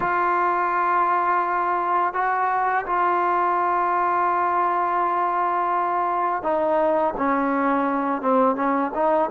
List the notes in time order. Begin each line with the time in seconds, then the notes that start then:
0.00 F4
2.13 F#4
2.85 F4
6.42 D#4
7.17 C#4
8.21 C4
8.55 C#4
8.94 D#4